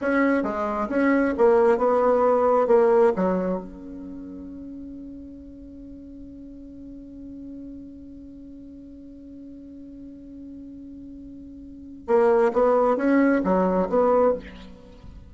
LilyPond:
\new Staff \with { instrumentName = "bassoon" } { \time 4/4 \tempo 4 = 134 cis'4 gis4 cis'4 ais4 | b2 ais4 fis4 | cis'1~ | cis'1~ |
cis'1~ | cis'1~ | cis'2. ais4 | b4 cis'4 fis4 b4 | }